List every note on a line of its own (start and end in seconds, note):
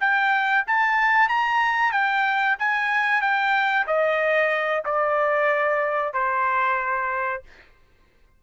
0.00 0.65 G5
0.67 1.29 A5
1.29 1.92 A#5
1.92 2.56 G5
2.59 3.21 G#5
3.21 3.86 G5
3.87 4.84 D#5
4.85 6.13 D5
6.13 7.43 C5